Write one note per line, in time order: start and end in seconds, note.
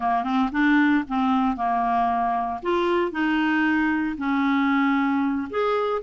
0.00 0.23 A#3
0.23 0.49 C4
0.52 1.04 D4
1.08 1.56 C4
1.56 2.61 A#3
2.62 3.11 F4
3.11 4.15 D#4
4.17 5.48 C#4
5.49 6.02 G#4